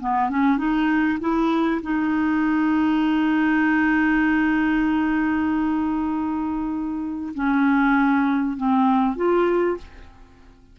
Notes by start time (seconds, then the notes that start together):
0.00 B3
0.29 C#4
0.58 D#4
1.20 E4
1.83 D#4
7.35 C#4
8.57 C4
9.16 F4